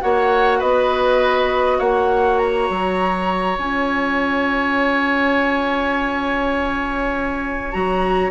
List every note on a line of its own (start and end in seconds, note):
0.00 0.62 A#3
0.00 3.56 F#4
0.00 0.59 C#5
0.00 0.61 F#5
0.59 1.80 B3
0.59 1.77 B4
0.59 1.79 D#5
1.79 2.69 A#3
1.79 8.31 C#5
1.79 2.38 F#5
2.38 3.57 A#5
2.69 3.58 F#3
3.56 7.74 C#4
3.56 7.72 F4
3.56 7.72 G#5
7.72 8.31 F#3
7.72 8.31 F#4
7.72 8.31 A#5